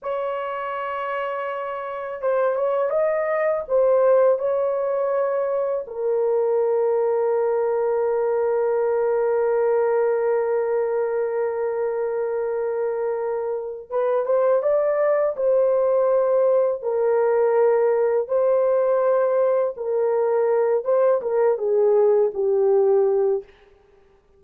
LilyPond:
\new Staff \with { instrumentName = "horn" } { \time 4/4 \tempo 4 = 82 cis''2. c''8 cis''8 | dis''4 c''4 cis''2 | ais'1~ | ais'1~ |
ais'2. b'8 c''8 | d''4 c''2 ais'4~ | ais'4 c''2 ais'4~ | ais'8 c''8 ais'8 gis'4 g'4. | }